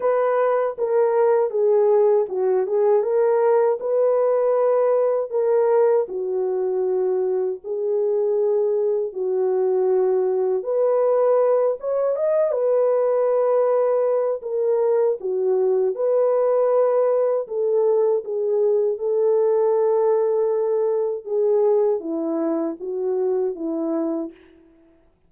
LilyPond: \new Staff \with { instrumentName = "horn" } { \time 4/4 \tempo 4 = 79 b'4 ais'4 gis'4 fis'8 gis'8 | ais'4 b'2 ais'4 | fis'2 gis'2 | fis'2 b'4. cis''8 |
dis''8 b'2~ b'8 ais'4 | fis'4 b'2 a'4 | gis'4 a'2. | gis'4 e'4 fis'4 e'4 | }